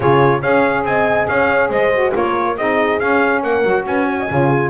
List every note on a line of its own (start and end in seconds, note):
0.00 0.42 C#3
0.00 0.41 F4
0.00 0.40 G#4
0.00 0.41 C#5
0.40 0.83 C#4
0.40 1.93 G#4
0.40 0.83 C#5
0.40 0.84 F5
0.83 1.26 C4
0.83 1.29 D#5
0.83 1.28 G#5
1.28 1.69 C#4
1.28 1.70 C#5
1.28 1.70 F5
1.69 2.12 G#3
1.69 2.12 C5
1.69 2.14 D#5
1.93 2.12 F#4
2.12 2.57 A#3
2.12 2.54 F4
2.12 2.55 A#4
2.12 2.57 C#5
2.56 3.00 C4
2.56 2.99 D#4
2.56 3.42 G#4
2.56 2.99 D#5
2.99 3.63 C#4
2.99 3.43 C#4
2.99 3.42 F5
3.42 3.64 A#3
3.42 3.85 A#4
3.42 3.86 F#5
3.63 3.85 F#3
3.63 4.27 F#4
3.85 4.28 C#4
3.85 4.07 B4
3.85 4.69 G#5
4.07 4.18 C#5
4.19 4.30 D#5
4.30 4.69 C#3
4.30 4.69 F4
4.30 4.48 C#5
4.48 4.69 G#4